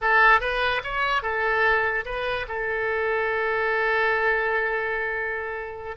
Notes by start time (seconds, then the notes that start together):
0.01 A4
0.40 B4
0.83 C#5
1.22 A4
2.05 B4
2.48 A4